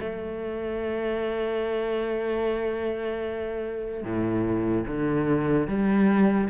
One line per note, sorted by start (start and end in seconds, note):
0.00 4.04 A3
4.04 4.85 A2
4.87 5.68 D3
5.68 6.49 G3